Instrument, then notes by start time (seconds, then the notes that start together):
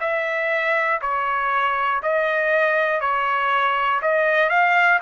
trumpet
0.00 E5
1.01 C#5
2.02 D#5
3.01 C#5
4.02 D#5
4.49 F5